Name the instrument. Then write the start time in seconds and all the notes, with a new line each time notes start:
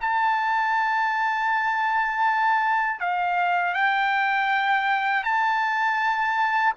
trumpet
0.00 A5
3.00 F5
3.74 G5
5.23 A5